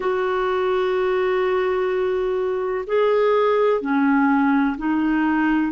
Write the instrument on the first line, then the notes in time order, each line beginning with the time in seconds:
clarinet
0.00 F#4
2.86 G#4
3.81 C#4
4.77 D#4